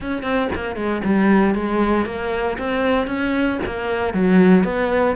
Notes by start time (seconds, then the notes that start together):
0.00 C#4
0.22 C4
0.54 A#3
0.76 G#3
1.04 G3
1.54 G#3
2.05 A#3
2.58 C4
3.07 C#4
3.66 A#3
4.13 F#3
4.64 B3